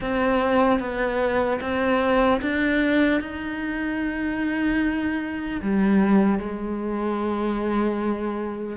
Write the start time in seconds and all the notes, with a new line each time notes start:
0.00 C4
0.79 B3
1.60 C4
2.41 D4
3.20 D#4
5.61 G3
6.39 G#3